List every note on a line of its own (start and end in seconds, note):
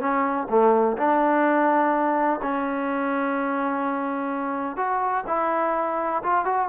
0.00 0.48 C#4
0.50 0.97 A3
0.98 2.40 D4
2.43 4.77 C#4
4.77 5.24 F#4
5.27 6.23 E4
6.23 6.45 F4
6.45 6.69 F#4